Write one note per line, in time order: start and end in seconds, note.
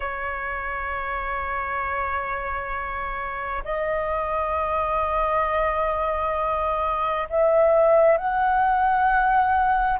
0.00 3.63 C#5
3.64 7.28 D#5
7.29 8.17 E5
8.17 9.99 F#5